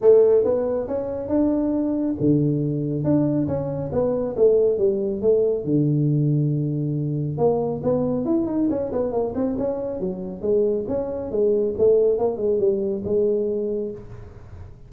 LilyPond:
\new Staff \with { instrumentName = "tuba" } { \time 4/4 \tempo 4 = 138 a4 b4 cis'4 d'4~ | d'4 d2 d'4 | cis'4 b4 a4 g4 | a4 d2.~ |
d4 ais4 b4 e'8 dis'8 | cis'8 b8 ais8 c'8 cis'4 fis4 | gis4 cis'4 gis4 a4 | ais8 gis8 g4 gis2 | }